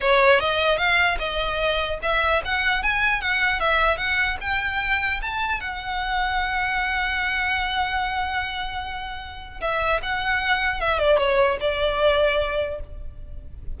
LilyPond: \new Staff \with { instrumentName = "violin" } { \time 4/4 \tempo 4 = 150 cis''4 dis''4 f''4 dis''4~ | dis''4 e''4 fis''4 gis''4 | fis''4 e''4 fis''4 g''4~ | g''4 a''4 fis''2~ |
fis''1~ | fis''1 | e''4 fis''2 e''8 d''8 | cis''4 d''2. | }